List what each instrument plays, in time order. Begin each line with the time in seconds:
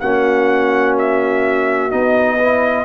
0.00 tuba A#3, trombone C#4, horn F#4, trumpet F#5
0.99 trumpet E5
1.91 tuba B3, trombone D#4, trumpet D#5
2.37 trombone E4, horn B4